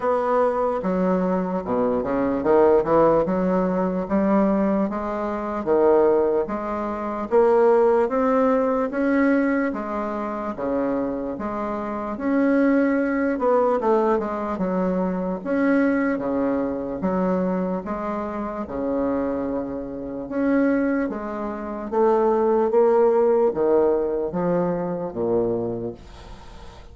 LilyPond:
\new Staff \with { instrumentName = "bassoon" } { \time 4/4 \tempo 4 = 74 b4 fis4 b,8 cis8 dis8 e8 | fis4 g4 gis4 dis4 | gis4 ais4 c'4 cis'4 | gis4 cis4 gis4 cis'4~ |
cis'8 b8 a8 gis8 fis4 cis'4 | cis4 fis4 gis4 cis4~ | cis4 cis'4 gis4 a4 | ais4 dis4 f4 ais,4 | }